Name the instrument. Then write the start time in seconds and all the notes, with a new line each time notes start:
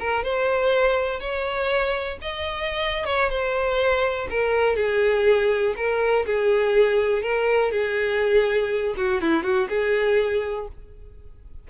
violin
0.00 A#4
0.24 C5
1.20 C#5
2.22 D#5
3.05 C#5
3.30 C5
4.30 A#4
4.76 G#4
5.77 A#4
6.26 G#4
7.23 A#4
7.72 G#4
8.97 F#4
9.21 E4
9.44 F#4
9.70 G#4